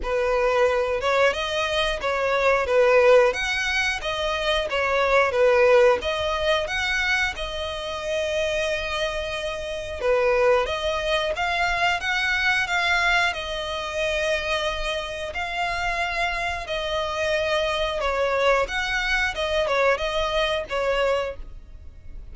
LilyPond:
\new Staff \with { instrumentName = "violin" } { \time 4/4 \tempo 4 = 90 b'4. cis''8 dis''4 cis''4 | b'4 fis''4 dis''4 cis''4 | b'4 dis''4 fis''4 dis''4~ | dis''2. b'4 |
dis''4 f''4 fis''4 f''4 | dis''2. f''4~ | f''4 dis''2 cis''4 | fis''4 dis''8 cis''8 dis''4 cis''4 | }